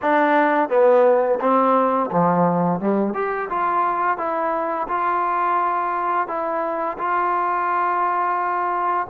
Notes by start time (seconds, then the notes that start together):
0.02 D4
0.69 B3
1.40 C4
2.11 F3
2.80 G3
3.14 G4
3.49 F4
4.17 E4
4.88 F4
6.27 E4
6.98 F4